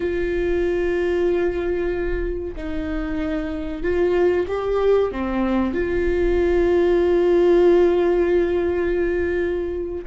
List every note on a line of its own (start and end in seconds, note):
0.00 2.55 F4
2.55 3.82 D#4
3.82 4.46 F4
4.47 5.11 G4
5.11 5.73 C4
5.73 10.04 F4